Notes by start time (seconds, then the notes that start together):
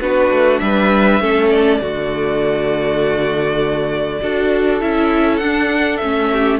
0.00 B3 D4 F#4 B4
0.30 A3
0.58 G3 B4 E5
1.20 A3 C#4 A4
1.50 D5
1.80 D3 A3 F#4
4.21 D4 F#4 A4
4.80 C#4 E4 E5
5.37 D4 F#5
5.97 A3 C#4 E5
6.32 G4